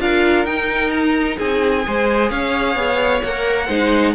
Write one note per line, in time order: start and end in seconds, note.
0.00 0.45 D4
0.00 0.46 F4
0.00 1.37 A#4
0.00 0.45 F5
0.45 1.37 D#4
0.45 1.82 D#4
0.45 0.91 G5
0.91 1.37 A#5
1.37 1.86 C4
1.37 1.84 G#4
1.37 2.30 G#5
1.82 2.31 G#3
1.82 3.21 G#4
1.82 2.31 C5
2.30 2.75 C#4
2.30 3.67 C#5
2.30 3.22 F5
2.75 3.21 B3
3.23 3.69 A#3
3.23 3.69 A#4
3.23 4.15 F#5
3.67 4.15 G#3
3.67 4.15 D#4
3.67 4.13 C5